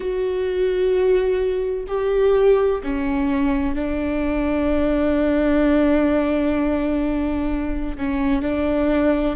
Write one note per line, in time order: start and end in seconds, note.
0.00 1.84 F#4
1.87 2.81 G4
2.83 3.75 C#4
3.75 7.96 D4
7.97 8.42 C#4
8.42 9.35 D4